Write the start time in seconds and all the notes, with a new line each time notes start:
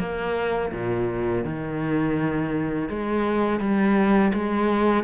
0.00 A#3
0.73 A#2
1.45 D#3
2.89 G#3
3.60 G3
4.34 G#3